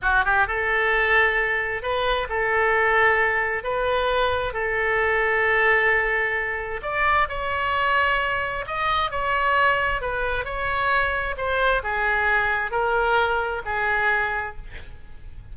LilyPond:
\new Staff \with { instrumentName = "oboe" } { \time 4/4 \tempo 4 = 132 fis'8 g'8 a'2. | b'4 a'2. | b'2 a'2~ | a'2. d''4 |
cis''2. dis''4 | cis''2 b'4 cis''4~ | cis''4 c''4 gis'2 | ais'2 gis'2 | }